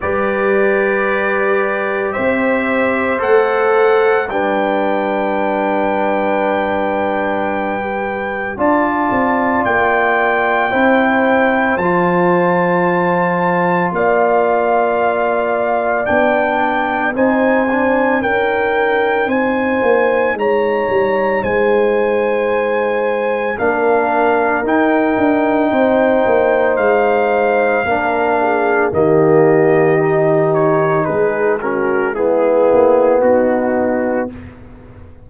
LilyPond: <<
  \new Staff \with { instrumentName = "trumpet" } { \time 4/4 \tempo 4 = 56 d''2 e''4 fis''4 | g''1 | a''4 g''2 a''4~ | a''4 f''2 g''4 |
gis''4 g''4 gis''4 ais''4 | gis''2 f''4 g''4~ | g''4 f''2 dis''4~ | dis''8 cis''8 b'8 ais'8 gis'4 fis'4 | }
  \new Staff \with { instrumentName = "horn" } { \time 4/4 b'2 c''2 | b'1 | d''2 c''2~ | c''4 d''2. |
c''4 ais'4 c''4 cis''4 | c''2 ais'2 | c''2 ais'8 gis'8 g'4~ | g'4 gis'8 fis'8 e'4 dis'4 | }
  \new Staff \with { instrumentName = "trombone" } { \time 4/4 g'2. a'4 | d'2.~ d'16 g'8. | f'2 e'4 f'4~ | f'2. d'4 |
dis'8 d'8 dis'2.~ | dis'2 d'4 dis'4~ | dis'2 d'4 ais4 | dis'4. cis'8 b2 | }
  \new Staff \with { instrumentName = "tuba" } { \time 4/4 g2 c'4 a4 | g1 | d'8 c'8 ais4 c'4 f4~ | f4 ais2 b4 |
c'4 cis'4 c'8 ais8 gis8 g8 | gis2 ais4 dis'8 d'8 | c'8 ais8 gis4 ais4 dis4~ | dis4 gis4. ais8 b4 | }
>>